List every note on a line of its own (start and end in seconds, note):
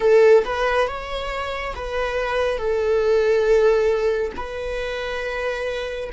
0.00 0.43 A4
0.44 0.87 B4
0.87 1.74 C#5
1.75 2.58 B4
2.58 4.32 A4
4.36 6.10 B4